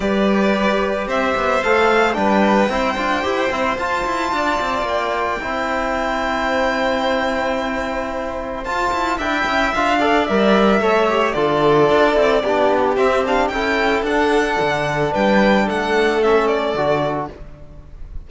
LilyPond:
<<
  \new Staff \with { instrumentName = "violin" } { \time 4/4 \tempo 4 = 111 d''2 e''4 f''4 | g''2. a''4~ | a''4 g''2.~ | g''1 |
a''4 g''4 f''4 e''4~ | e''4 d''2. | e''8 f''8 g''4 fis''2 | g''4 fis''4 e''8 d''4. | }
  \new Staff \with { instrumentName = "violin" } { \time 4/4 b'2 c''2 | b'4 c''2. | d''2 c''2~ | c''1~ |
c''4 e''4. d''4. | cis''4 a'2 g'4~ | g'4 a'2. | b'4 a'2. | }
  \new Staff \with { instrumentName = "trombone" } { \time 4/4 g'2. a'4 | d'4 e'8 f'8 g'8 e'8 f'4~ | f'2 e'2~ | e'1 |
f'4 e'4 f'8 a'8 ais'4 | a'8 g'8 f'4. e'8 d'4 | c'8 d'8 e'4 d'2~ | d'2 cis'4 fis'4 | }
  \new Staff \with { instrumentName = "cello" } { \time 4/4 g2 c'8 b8 a4 | g4 c'8 d'8 e'8 c'8 f'8 e'8 | d'8 c'8 ais4 c'2~ | c'1 |
f'8 e'8 d'8 cis'8 d'4 g4 | a4 d4 d'8 c'8 b4 | c'4 cis'4 d'4 d4 | g4 a2 d4 | }
>>